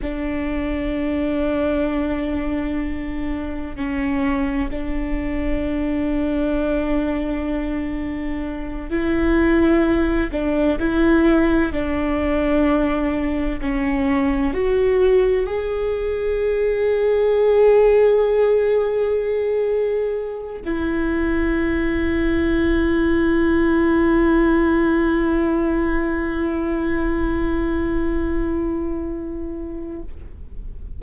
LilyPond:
\new Staff \with { instrumentName = "viola" } { \time 4/4 \tempo 4 = 64 d'1 | cis'4 d'2.~ | d'4. e'4. d'8 e'8~ | e'8 d'2 cis'4 fis'8~ |
fis'8 gis'2.~ gis'8~ | gis'2 e'2~ | e'1~ | e'1 | }